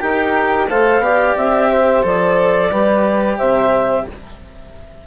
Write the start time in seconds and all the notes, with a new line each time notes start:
0.00 D#4 G4 A#4 G5
0.69 A3 A4 C5 F5
1.00 B3 G4 D5
1.37 C4 E5
1.70 C5
2.03 F3 A4 D5
2.70 G3 G4 B4
3.37 C3 C5 E5